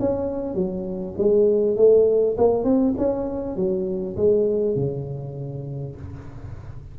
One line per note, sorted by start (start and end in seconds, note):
0.00 0.55 C#4
0.55 1.15 F#3
1.18 1.77 G#3
1.77 2.37 A3
2.38 2.64 A#3
2.64 2.94 C4
2.98 3.56 C#4
3.56 4.16 F#3
4.17 4.76 G#3
4.76 5.96 C#3